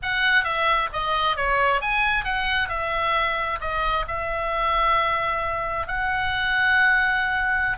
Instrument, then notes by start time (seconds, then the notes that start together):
oboe
0.02 F#5
0.44 E5
0.92 D#5
1.36 C#5
1.81 G#5
2.24 F#5
2.68 E5
3.60 D#5
4.07 E5
5.87 F#5